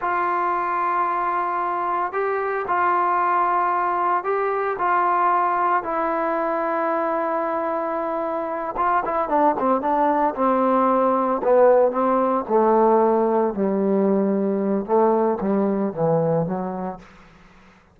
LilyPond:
\new Staff \with { instrumentName = "trombone" } { \time 4/4 \tempo 4 = 113 f'1 | g'4 f'2. | g'4 f'2 e'4~ | e'1~ |
e'8 f'8 e'8 d'8 c'8 d'4 c'8~ | c'4. b4 c'4 a8~ | a4. g2~ g8 | a4 g4 e4 fis4 | }